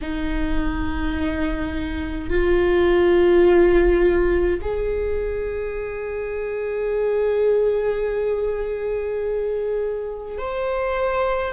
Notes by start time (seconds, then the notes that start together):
0.01 D#4
2.29 F4
4.62 G#4
10.38 C5